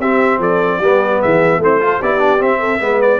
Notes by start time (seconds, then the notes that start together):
0.00 C4 G4 E5
0.39 F3 A4 D5
0.79 G3 B3 G4
1.21 E3 G#4 E5
1.59 A3 C4 E4 C5
1.81 F4 A4
2.01 B3 E4 G4 D5
2.19 D4
2.39 C4 E5
2.60 A4
2.80 G#3 B3 B4
3.02 D5